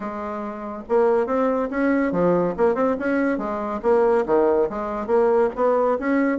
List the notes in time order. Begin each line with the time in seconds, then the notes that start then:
0.00 G#3
0.88 A#3
1.26 C4
1.70 C#4
2.12 F3
2.57 A#3
2.74 C4
2.99 C#4
3.37 G#3
3.82 A#3
4.26 D#3
4.69 G#3
5.06 A#3
5.55 B3
5.99 C#4